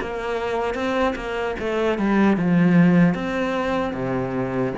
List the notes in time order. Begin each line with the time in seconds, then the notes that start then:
0.00 A#3
0.74 C4
1.15 A#3
1.59 A3
1.98 G3
2.36 F3
3.14 C4
3.93 C3